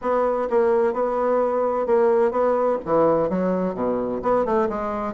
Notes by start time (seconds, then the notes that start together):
0.01 B3
0.50 A#3
0.93 B3
1.86 A#3
2.31 B3
2.85 E3
3.29 F#3
3.74 B2
4.22 B3
4.45 A3
4.69 G#3